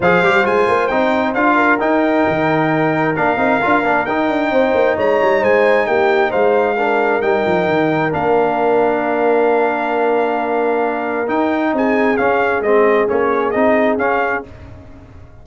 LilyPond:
<<
  \new Staff \with { instrumentName = "trumpet" } { \time 4/4 \tempo 4 = 133 f''4 gis''4 g''4 f''4 | g''2. f''4~ | f''4 g''2 ais''4 | gis''4 g''4 f''2 |
g''2 f''2~ | f''1~ | f''4 g''4 gis''4 f''4 | dis''4 cis''4 dis''4 f''4 | }
  \new Staff \with { instrumentName = "horn" } { \time 4/4 c''2.~ c''8 ais'8~ | ais'1~ | ais'2 c''4 cis''4 | c''4 g'4 c''4 ais'4~ |
ais'1~ | ais'1~ | ais'2 gis'2~ | gis'1 | }
  \new Staff \with { instrumentName = "trombone" } { \time 4/4 gis'8 g'8 f'4 dis'4 f'4 | dis'2. d'8 dis'8 | f'8 d'8 dis'2.~ | dis'2. d'4 |
dis'2 d'2~ | d'1~ | d'4 dis'2 cis'4 | c'4 cis'4 dis'4 cis'4 | }
  \new Staff \with { instrumentName = "tuba" } { \time 4/4 f8 g8 gis8 ais8 c'4 d'4 | dis'4 dis2 ais8 c'8 | d'8 ais8 dis'8 d'8 c'8 ais8 gis8 g8 | gis4 ais4 gis2 |
g8 f8 dis4 ais2~ | ais1~ | ais4 dis'4 c'4 cis'4 | gis4 ais4 c'4 cis'4 | }
>>